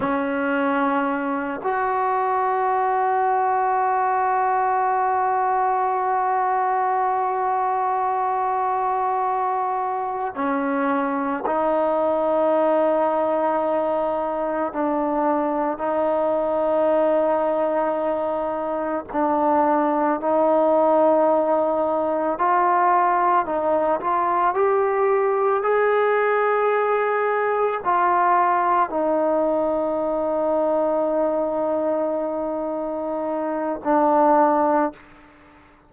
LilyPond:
\new Staff \with { instrumentName = "trombone" } { \time 4/4 \tempo 4 = 55 cis'4. fis'2~ fis'8~ | fis'1~ | fis'4. cis'4 dis'4.~ | dis'4. d'4 dis'4.~ |
dis'4. d'4 dis'4.~ | dis'8 f'4 dis'8 f'8 g'4 gis'8~ | gis'4. f'4 dis'4.~ | dis'2. d'4 | }